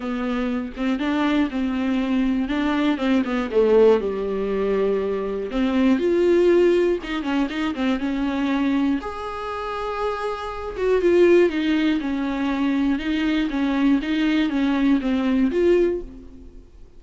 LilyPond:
\new Staff \with { instrumentName = "viola" } { \time 4/4 \tempo 4 = 120 b4. c'8 d'4 c'4~ | c'4 d'4 c'8 b8 a4 | g2. c'4 | f'2 dis'8 cis'8 dis'8 c'8 |
cis'2 gis'2~ | gis'4. fis'8 f'4 dis'4 | cis'2 dis'4 cis'4 | dis'4 cis'4 c'4 f'4 | }